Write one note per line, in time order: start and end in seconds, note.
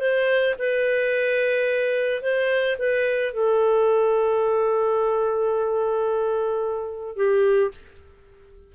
0.00 0.55 C5
0.59 2.22 B4
2.22 2.77 C5
2.79 3.34 B4
3.34 7.17 A4
7.17 7.72 G4